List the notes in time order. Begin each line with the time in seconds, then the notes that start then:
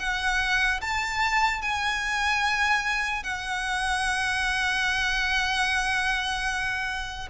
0.00 F#5
0.81 A5
1.62 G#5
3.24 F#5